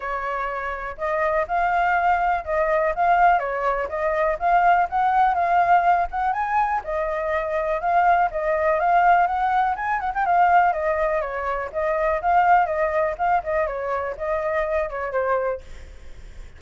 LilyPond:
\new Staff \with { instrumentName = "flute" } { \time 4/4 \tempo 4 = 123 cis''2 dis''4 f''4~ | f''4 dis''4 f''4 cis''4 | dis''4 f''4 fis''4 f''4~ | f''8 fis''8 gis''4 dis''2 |
f''4 dis''4 f''4 fis''4 | gis''8 fis''16 g''16 f''4 dis''4 cis''4 | dis''4 f''4 dis''4 f''8 dis''8 | cis''4 dis''4. cis''8 c''4 | }